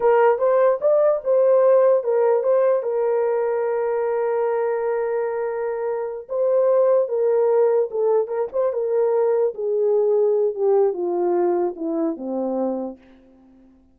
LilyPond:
\new Staff \with { instrumentName = "horn" } { \time 4/4 \tempo 4 = 148 ais'4 c''4 d''4 c''4~ | c''4 ais'4 c''4 ais'4~ | ais'1~ | ais'2.~ ais'8 c''8~ |
c''4. ais'2 a'8~ | a'8 ais'8 c''8 ais'2 gis'8~ | gis'2 g'4 f'4~ | f'4 e'4 c'2 | }